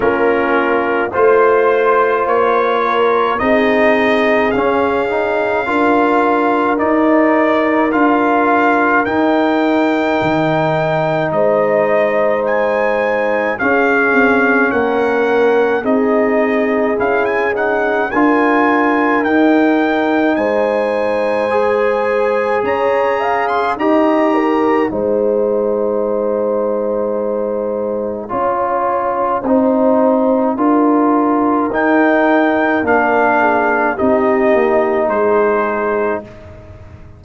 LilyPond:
<<
  \new Staff \with { instrumentName = "trumpet" } { \time 4/4 \tempo 4 = 53 ais'4 c''4 cis''4 dis''4 | f''2 d''4 f''4 | g''2 dis''4 gis''4 | f''4 fis''4 dis''4 f''16 gis''16 fis''8 |
gis''4 g''4 gis''2 | ais''8. c'''16 ais''4 gis''2~ | gis''1 | g''4 f''4 dis''4 c''4 | }
  \new Staff \with { instrumentName = "horn" } { \time 4/4 f'4 c''4. ais'8 gis'4~ | gis'4 ais'2.~ | ais'2 c''2 | gis'4 ais'4 gis'2 |
ais'2 c''2 | cis''8 f''8 dis''8 ais'8 c''2~ | c''4 cis''4 c''4 ais'4~ | ais'4. gis'8 g'4 gis'4 | }
  \new Staff \with { instrumentName = "trombone" } { \time 4/4 cis'4 f'2 dis'4 | cis'8 dis'8 f'4 dis'4 f'4 | dis'1 | cis'2 dis'4 e'8 dis'8 |
f'4 dis'2 gis'4~ | gis'4 g'4 dis'2~ | dis'4 f'4 dis'4 f'4 | dis'4 d'4 dis'2 | }
  \new Staff \with { instrumentName = "tuba" } { \time 4/4 ais4 a4 ais4 c'4 | cis'4 d'4 dis'4 d'4 | dis'4 dis4 gis2 | cis'8 c'8 ais4 c'4 cis'4 |
d'4 dis'4 gis2 | cis'4 dis'4 gis2~ | gis4 cis'4 c'4 d'4 | dis'4 ais4 c'8 ais8 gis4 | }
>>